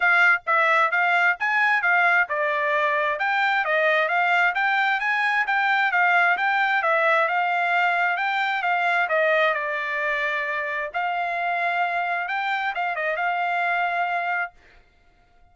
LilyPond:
\new Staff \with { instrumentName = "trumpet" } { \time 4/4 \tempo 4 = 132 f''4 e''4 f''4 gis''4 | f''4 d''2 g''4 | dis''4 f''4 g''4 gis''4 | g''4 f''4 g''4 e''4 |
f''2 g''4 f''4 | dis''4 d''2. | f''2. g''4 | f''8 dis''8 f''2. | }